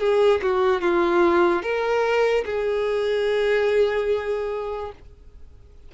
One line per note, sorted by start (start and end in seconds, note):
0.00 0.41 G#4
0.42 0.81 F#4
0.81 1.63 F4
1.63 2.45 A#4
2.45 4.92 G#4